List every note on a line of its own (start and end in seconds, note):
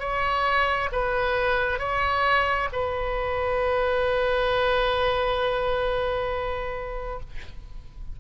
0.00 0.90 C#5
0.92 1.79 B4
1.79 2.69 C#5
2.73 7.20 B4